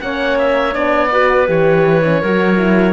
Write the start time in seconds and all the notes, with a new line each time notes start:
0.00 A#3 C#4 C#5 F#5
0.38 E5
0.73 B3 D4 D5
1.10 F#4 B4
1.47 E3 G4 C#5
2.04 C#4
2.21 F#3 F#4 A#4
2.57 E4